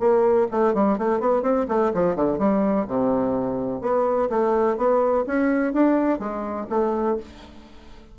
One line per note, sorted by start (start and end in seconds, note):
0.00 0.48 A#3
0.51 0.74 A3
0.74 0.98 G3
0.98 1.20 A3
1.20 1.43 B3
1.43 1.67 C4
1.69 1.92 A3
1.94 2.16 F3
2.16 2.39 D3
2.39 2.86 G3
2.88 3.82 C3
3.82 4.29 B3
4.30 4.77 A3
4.77 5.25 B3
5.27 5.73 C#4
5.73 6.19 D4
6.19 6.67 G#3
6.70 7.17 A3